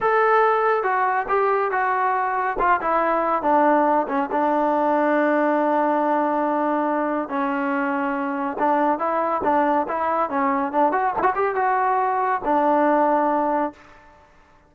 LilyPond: \new Staff \with { instrumentName = "trombone" } { \time 4/4 \tempo 4 = 140 a'2 fis'4 g'4 | fis'2 f'8 e'4. | d'4. cis'8 d'2~ | d'1~ |
d'4 cis'2. | d'4 e'4 d'4 e'4 | cis'4 d'8 fis'8 e'16 fis'16 g'8 fis'4~ | fis'4 d'2. | }